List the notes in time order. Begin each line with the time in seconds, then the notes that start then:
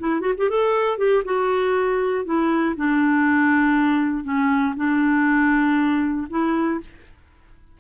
0.00 E4
0.21 F#4
0.38 G4
0.50 A4
0.98 G4
1.25 F#4
2.26 E4
2.77 D4
4.24 C#4
4.76 D4
6.30 E4